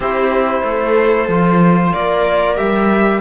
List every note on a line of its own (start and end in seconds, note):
0.00 0.61 C4
0.00 1.30 E4
0.00 0.64 G4
0.00 1.93 C5
0.63 1.27 A3
0.63 1.94 A4
1.27 1.92 F3
1.27 2.56 F4
1.93 2.59 A#3
1.93 3.21 A#4
1.93 2.57 D5
2.56 3.21 G3
2.56 3.21 G4
2.56 3.21 E5